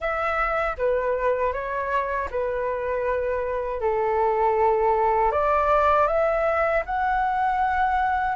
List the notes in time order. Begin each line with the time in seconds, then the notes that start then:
0.00 E5
0.77 B4
1.52 C#5
2.30 B4
3.80 A4
5.31 D5
6.07 E5
6.85 F#5